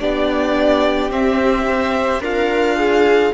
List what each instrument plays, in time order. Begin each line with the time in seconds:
0.00 cello B3, viola D4, violin G4 D5
1.10 viola C4, cello C4, violin E5
1.67 viola C5
2.20 cello D4, violin F4 F5, viola A#4
2.76 viola G#4